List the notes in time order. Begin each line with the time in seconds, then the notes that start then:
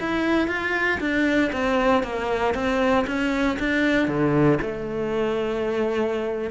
0.00 E4
0.48 F4
1.00 D4
1.52 C4
2.03 A#3
2.54 C4
3.07 C#4
3.59 D4
4.07 D3
4.62 A3